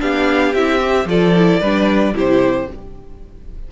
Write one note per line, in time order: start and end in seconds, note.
0.00 0.54 B3
0.00 0.54 D4
0.00 1.09 G4
0.00 0.54 F5
0.54 1.06 C4
0.54 0.80 E4
0.54 1.08 E5
0.80 1.07 G4
1.06 1.59 F3
1.06 1.34 F4
1.06 1.61 A4
1.06 2.17 D5
1.36 1.63 E4
1.61 2.14 G3
1.61 2.15 D4
1.61 2.14 B4
2.14 2.68 C3
2.14 2.68 E4
2.14 2.69 G4
2.14 2.72 C5